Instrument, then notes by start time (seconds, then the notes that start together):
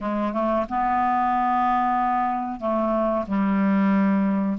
clarinet
0.00 G#3
0.33 A3
0.68 B3
2.60 A3
3.27 G3